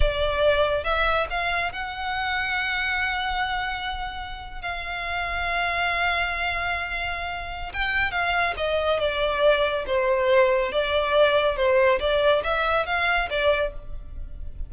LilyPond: \new Staff \with { instrumentName = "violin" } { \time 4/4 \tempo 4 = 140 d''2 e''4 f''4 | fis''1~ | fis''2~ fis''8. f''4~ f''16~ | f''1~ |
f''2 g''4 f''4 | dis''4 d''2 c''4~ | c''4 d''2 c''4 | d''4 e''4 f''4 d''4 | }